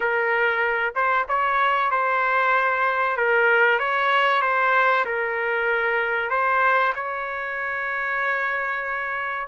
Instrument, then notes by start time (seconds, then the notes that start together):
trumpet
0.00 A#4
0.95 C5
1.28 C#5
1.90 C5
3.16 A#4
3.79 C#5
4.41 C5
5.05 A#4
6.30 C5
6.95 C#5